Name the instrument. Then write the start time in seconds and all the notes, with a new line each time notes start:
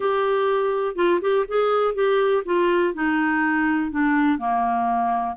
clarinet
0.00 G4
0.95 F4
1.21 G4
1.47 G#4
1.94 G4
2.45 F4
2.94 D#4
3.91 D4
4.38 A#3